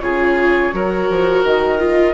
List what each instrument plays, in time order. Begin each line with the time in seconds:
0.00 bassoon C#3, viola F4, oboe G#4, flute C#5
0.73 bassoon F#3, viola F#4, oboe A#4
1.09 bassoon F3
1.44 bassoon D#3, flute D#5
1.78 viola F4